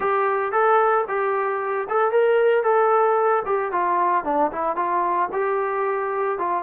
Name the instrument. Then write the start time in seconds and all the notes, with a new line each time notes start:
trombone
0.00 G4
0.51 A4
1.08 G4
1.89 A4
2.11 A#4
2.63 A4
3.45 G4
3.72 F4
4.24 D4
4.51 E4
4.76 F4
5.32 G4
6.38 F4